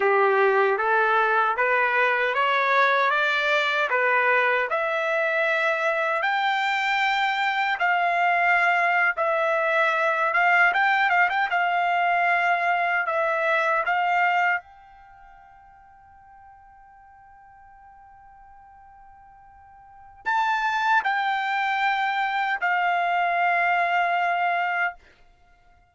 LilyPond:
\new Staff \with { instrumentName = "trumpet" } { \time 4/4 \tempo 4 = 77 g'4 a'4 b'4 cis''4 | d''4 b'4 e''2 | g''2 f''4.~ f''16 e''16~ | e''4~ e''16 f''8 g''8 f''16 g''16 f''4~ f''16~ |
f''8. e''4 f''4 g''4~ g''16~ | g''1~ | g''2 a''4 g''4~ | g''4 f''2. | }